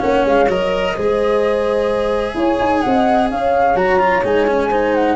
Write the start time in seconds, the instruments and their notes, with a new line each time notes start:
0.00 tuba A#3, cello C#4, horn C#5, flute F#5
0.25 tuba G#3, flute F5
0.49 tuba F#3, cello A#4, flute D#5
0.96 tuba G#3, cello G#4, horn C5
2.35 tuba E4, horn C#5, flute G#5
2.60 tuba D#4
2.81 tuba C4, horn D#5, flute F#5
3.31 tuba C#4, horn C#5, flute F5
3.75 tuba F#3, cello F#4, flute A#5
3.99 cello F4
4.24 tuba G#3, cello D#4, flute G#5
4.47 cello C#4
4.70 cello D#4, horn C5
4.95 flute F#5